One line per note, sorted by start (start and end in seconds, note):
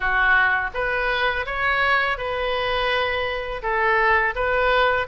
0.00 0.70 F#4
0.74 1.46 B4
1.46 2.17 C#5
2.17 3.62 B4
3.62 4.34 A4
4.35 5.07 B4